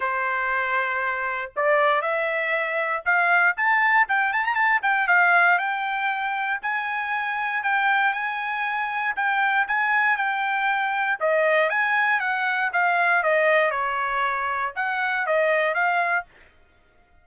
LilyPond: \new Staff \with { instrumentName = "trumpet" } { \time 4/4 \tempo 4 = 118 c''2. d''4 | e''2 f''4 a''4 | g''8 a''16 ais''16 a''8 g''8 f''4 g''4~ | g''4 gis''2 g''4 |
gis''2 g''4 gis''4 | g''2 dis''4 gis''4 | fis''4 f''4 dis''4 cis''4~ | cis''4 fis''4 dis''4 f''4 | }